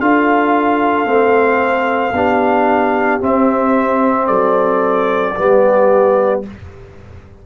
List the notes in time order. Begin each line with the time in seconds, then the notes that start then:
0.00 D4 F4 A4 F5
1.04 A3 C4
2.12 B3 D4 G4
3.21 C4 E5
4.26 F#3 A4 D5
5.36 G3 B3 G4